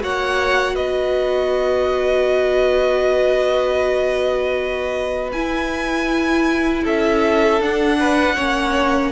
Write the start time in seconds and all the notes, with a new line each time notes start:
0.00 A#3 F#4 C#5 F#5
0.75 B3 B4 D#5
5.32 E4 G#5
6.84 C#4 A4 E5
7.61 D4 F#5
8.00 B4
8.36 A#3 C#4 C#5